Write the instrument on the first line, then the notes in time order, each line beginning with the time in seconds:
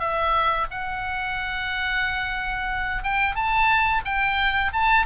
oboe
0.00 E5
0.71 F#5
3.03 G5
3.35 A5
4.05 G5
4.73 A5